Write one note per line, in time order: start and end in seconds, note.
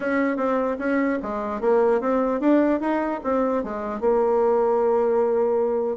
0.00 0.36 C#4
0.36 0.76 C4
0.78 1.18 C#4
1.22 1.60 G#3
1.60 2.00 A#3
2.00 2.40 C4
2.40 2.80 D4
2.80 3.20 D#4
3.23 3.63 C4
3.63 4.00 G#3
4.00 5.96 A#3